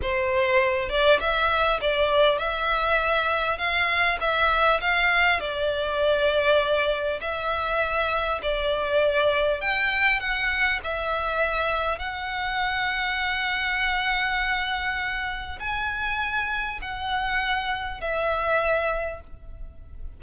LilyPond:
\new Staff \with { instrumentName = "violin" } { \time 4/4 \tempo 4 = 100 c''4. d''8 e''4 d''4 | e''2 f''4 e''4 | f''4 d''2. | e''2 d''2 |
g''4 fis''4 e''2 | fis''1~ | fis''2 gis''2 | fis''2 e''2 | }